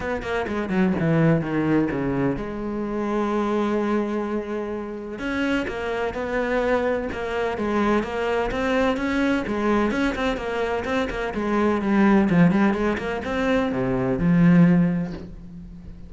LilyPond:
\new Staff \with { instrumentName = "cello" } { \time 4/4 \tempo 4 = 127 b8 ais8 gis8 fis8 e4 dis4 | cis4 gis2.~ | gis2. cis'4 | ais4 b2 ais4 |
gis4 ais4 c'4 cis'4 | gis4 cis'8 c'8 ais4 c'8 ais8 | gis4 g4 f8 g8 gis8 ais8 | c'4 c4 f2 | }